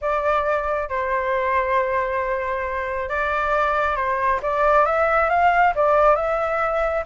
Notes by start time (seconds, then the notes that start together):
0.01 D5
0.89 C5
3.09 D5
3.96 C5
4.42 D5
4.85 E5
5.29 F5
5.75 D5
6.15 E5